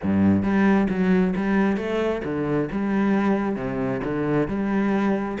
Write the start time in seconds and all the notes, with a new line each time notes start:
0.02 G2
0.42 G3
0.89 F#3
1.36 G3
1.76 A3
2.24 D3
2.71 G3
3.56 C3
4.04 D3
4.48 G3